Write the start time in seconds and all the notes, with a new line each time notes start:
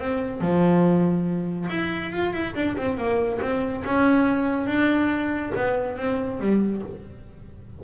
0.00 C4
0.41 F3
1.70 E4
2.13 F4
2.34 E4
2.56 D4
2.78 C4
2.98 A#3
3.42 C4
3.86 C#4
4.67 D4
5.56 B3
5.98 C4
6.40 G3